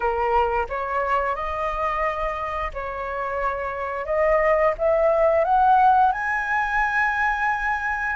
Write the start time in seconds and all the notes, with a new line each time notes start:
0.00 A#4
0.69 C#5
1.35 D#5
2.73 C#5
4.05 D#5
4.78 E5
5.44 F#5
6.12 G#5